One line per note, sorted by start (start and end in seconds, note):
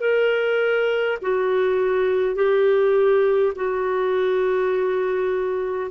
0.00 1.18 A#4
1.22 2.35 F#4
2.35 3.53 G4
3.55 5.90 F#4